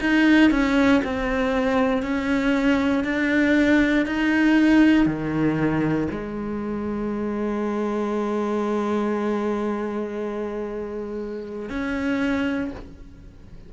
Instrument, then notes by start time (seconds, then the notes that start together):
cello
0.00 D#4
0.50 C#4
1.04 C4
2.02 C#4
3.04 D4
4.06 D#4
5.05 D#3
6.10 G#3
11.69 C#4